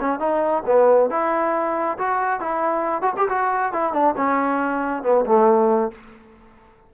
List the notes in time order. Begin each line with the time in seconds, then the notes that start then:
0.00 C#4
0.19 D#4
0.66 B3
1.10 E4
1.98 F#4
2.40 E4
3.02 F#4
3.17 G4
3.29 F#4
3.72 E4
3.93 D4
4.16 C#4
5.03 B3
5.26 A3